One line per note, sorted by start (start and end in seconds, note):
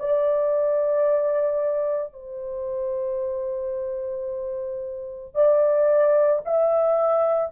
0.00 2.13 D5
2.13 5.35 C5
5.35 6.42 D5
6.45 7.52 E5